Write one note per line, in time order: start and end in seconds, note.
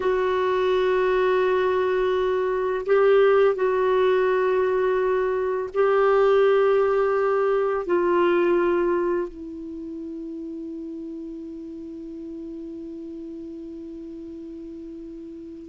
0.00 2.85 F#4
2.86 3.55 G4
3.55 5.69 F#4
5.74 7.86 G4
7.86 9.28 F4
9.28 15.69 E4